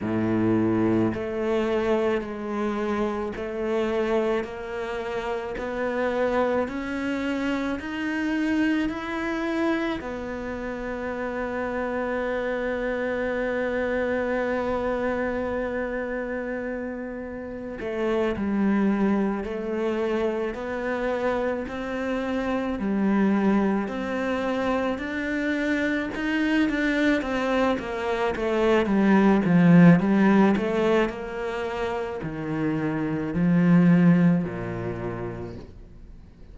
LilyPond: \new Staff \with { instrumentName = "cello" } { \time 4/4 \tempo 4 = 54 a,4 a4 gis4 a4 | ais4 b4 cis'4 dis'4 | e'4 b2.~ | b1 |
a8 g4 a4 b4 c'8~ | c'8 g4 c'4 d'4 dis'8 | d'8 c'8 ais8 a8 g8 f8 g8 a8 | ais4 dis4 f4 ais,4 | }